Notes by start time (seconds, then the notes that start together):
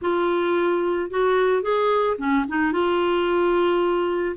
0.01 F4
1.10 F#4
1.62 G#4
2.18 C#4
2.48 D#4
2.72 F4